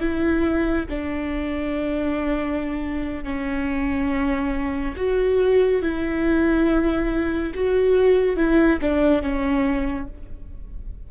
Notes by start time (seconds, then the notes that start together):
0.00 E4
0.89 D4
3.23 C#4
4.96 F#4
5.82 E4
7.54 F#4
8.36 E4
8.81 D4
9.22 C#4